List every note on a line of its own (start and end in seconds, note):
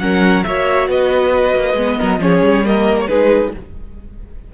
0.00 0.44 F#3
0.00 0.44 C#4
0.00 0.46 A#4
0.00 0.44 F#5
0.44 0.89 A#3
0.44 1.77 F#4
0.44 0.89 C#5
0.44 0.89 E5
0.89 1.55 B3
0.89 1.98 B4
0.89 2.22 D#5
1.56 1.74 A#3
1.74 1.96 G#3
1.74 2.21 B3
1.98 2.19 F#3
1.98 2.20 A#4
2.19 2.41 F3
2.19 2.65 C#4
2.19 2.67 G#4
2.19 2.66 C#5
2.42 3.08 G3
2.65 3.09 A#3
2.65 3.09 A#4
2.65 2.99 D#5
3.01 3.08 C#5
3.08 3.55 G#3
3.08 3.53 D#4
3.08 3.53 G#4
3.08 3.52 B4